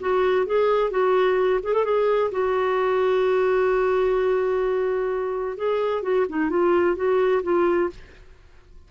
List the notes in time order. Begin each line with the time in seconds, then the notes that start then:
0.00 F#4
0.46 G#4
0.90 F#4
1.63 G#4
1.73 A4
1.84 G#4
2.31 F#4
5.57 G#4
6.02 F#4
6.29 D#4
6.50 F4
6.96 F#4
7.43 F4